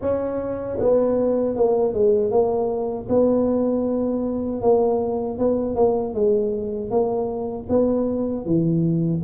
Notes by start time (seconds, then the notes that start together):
0.01 C#4
0.79 B3
1.56 A#3
1.93 G#3
2.30 A#3
3.08 B3
4.61 A#3
5.38 B3
5.75 A#3
6.14 G#3
6.90 A#3
7.69 B3
8.45 E3